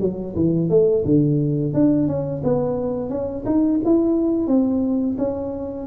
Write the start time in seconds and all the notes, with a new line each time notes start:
0.00 F#3
0.35 E3
0.69 A3
1.04 D3
1.73 D4
2.07 C#4
2.43 B3
3.09 C#4
3.45 D#4
3.84 E4
4.47 C4
5.18 C#4